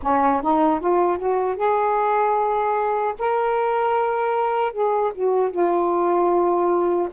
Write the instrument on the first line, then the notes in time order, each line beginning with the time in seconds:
saxophone
0.02 C#4
0.42 D#4
0.79 F4
1.18 F#4
1.56 G#4
3.19 A#4
4.72 G#4
5.14 F#4
5.50 F4